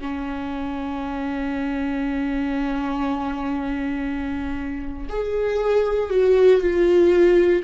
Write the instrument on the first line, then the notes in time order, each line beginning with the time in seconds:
viola
0.00 C#4
5.09 G#4
6.10 F#4
6.61 F4